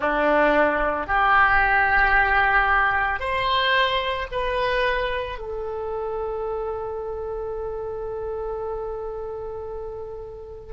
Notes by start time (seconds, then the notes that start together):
0.00 D4
1.06 G4
3.19 C5
4.31 B4
5.38 A4